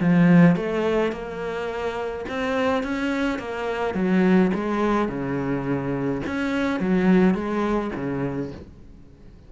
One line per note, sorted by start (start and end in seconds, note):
0.00 0.56 F3
0.56 1.12 A3
1.12 2.25 A#3
2.29 2.83 C4
2.83 3.39 C#4
3.39 3.95 A#3
3.95 4.51 F#3
4.54 5.08 G#3
5.08 6.22 C#3
6.27 6.80 C#4
6.80 7.35 F#3
7.35 7.91 G#3
7.95 8.52 C#3